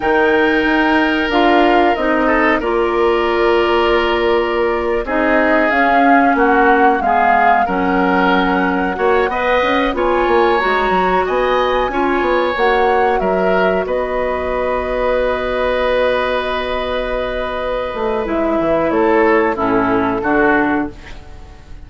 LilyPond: <<
  \new Staff \with { instrumentName = "flute" } { \time 4/4 \tempo 4 = 92 g''2 f''4 dis''4 | d''2.~ d''8. dis''16~ | dis''8. f''4 fis''4 f''4 fis''16~ | fis''2.~ fis''16 gis''8.~ |
gis''16 ais''4 gis''2 fis''8.~ | fis''16 e''4 dis''2~ dis''8.~ | dis''1 | e''4 cis''4 a'2 | }
  \new Staff \with { instrumentName = "oboe" } { \time 4/4 ais'2.~ ais'8 a'8 | ais'2.~ ais'8. gis'16~ | gis'4.~ gis'16 fis'4 gis'4 ais'16~ | ais'4.~ ais'16 cis''8 dis''4 cis''8.~ |
cis''4~ cis''16 dis''4 cis''4.~ cis''16~ | cis''16 ais'4 b'2~ b'8.~ | b'1~ | b'4 a'4 e'4 fis'4 | }
  \new Staff \with { instrumentName = "clarinet" } { \time 4/4 dis'2 f'4 dis'4 | f'2.~ f'8. dis'16~ | dis'8. cis'2 b4 cis'16~ | cis'4.~ cis'16 fis'8 b'4 f'8.~ |
f'16 fis'2 f'4 fis'8.~ | fis'1~ | fis'1 | e'2 cis'4 d'4 | }
  \new Staff \with { instrumentName = "bassoon" } { \time 4/4 dis4 dis'4 d'4 c'4 | ais2.~ ais8. c'16~ | c'8. cis'4 ais4 gis4 fis16~ | fis4.~ fis16 ais8 b8 cis'8 b8 ais16~ |
ais16 gis8 fis8 b4 cis'8 b8 ais8.~ | ais16 fis4 b2~ b8.~ | b2.~ b8 a8 | gis8 e8 a4 a,4 d4 | }
>>